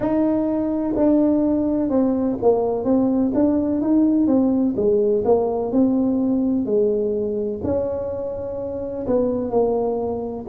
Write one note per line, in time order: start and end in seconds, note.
0.00 0.94 D#4
0.96 1.89 D4
1.89 2.37 C4
2.42 2.84 A#3
2.84 3.32 C4
3.34 3.81 D4
3.81 4.27 D#4
4.27 4.74 C4
4.76 5.24 G#3
5.24 5.71 A#3
5.71 6.65 C4
6.65 7.61 G#3
7.63 9.06 C#4
9.06 9.50 B3
9.50 10.45 A#3